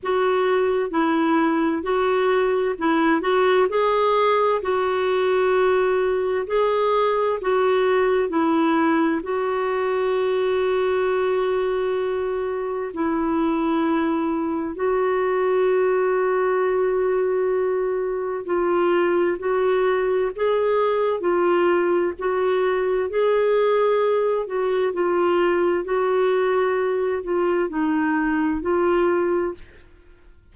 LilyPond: \new Staff \with { instrumentName = "clarinet" } { \time 4/4 \tempo 4 = 65 fis'4 e'4 fis'4 e'8 fis'8 | gis'4 fis'2 gis'4 | fis'4 e'4 fis'2~ | fis'2 e'2 |
fis'1 | f'4 fis'4 gis'4 f'4 | fis'4 gis'4. fis'8 f'4 | fis'4. f'8 dis'4 f'4 | }